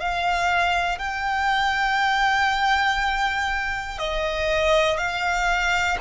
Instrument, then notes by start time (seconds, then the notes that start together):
violin
0.00 F5
0.99 G5
3.99 D#5
4.98 F5